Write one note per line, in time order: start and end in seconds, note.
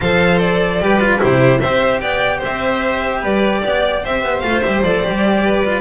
0.01 0.80 F3
0.01 0.82 A4
0.01 0.81 C5
0.01 0.39 F5
0.39 1.19 D5
0.80 1.20 G3
0.80 1.00 G4
0.80 1.21 B4
1.00 1.18 F4
1.18 1.63 C3
1.18 1.59 E4
1.18 1.60 G4
1.18 1.60 C5
1.60 2.02 C4
1.60 4.43 G4
1.60 2.00 C5
1.60 2.00 E5
2.00 2.42 B3
2.00 2.38 D5
2.00 2.40 G5
2.38 3.18 C5
2.38 3.24 E5
2.45 3.23 C4
3.21 3.64 G3
3.21 3.61 B4
3.21 4.05 D5
3.62 4.04 B3
3.62 4.02 D5
4.03 4.22 C4
4.03 5.43 C5
4.03 4.40 E5
4.22 4.42 B3
4.40 4.63 A3
4.40 4.63 F4
4.40 4.60 F5
4.60 4.82 G3
4.60 4.84 G4
4.60 4.80 E5
4.82 5.02 F3
4.82 5.04 A4
4.82 5.81 D5
5.04 5.81 G3
5.04 5.64 G4
5.44 5.81 B4
5.65 5.81 F4